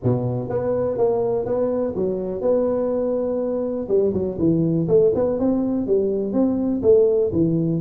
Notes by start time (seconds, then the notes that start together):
0.03 B2
0.49 B3
0.97 A#3
1.45 B3
1.95 F#3
2.41 B3
3.88 G3
4.13 F#3
4.39 E3
4.88 A3
5.14 B3
5.39 C4
5.86 G3
6.32 C4
6.82 A3
7.32 E3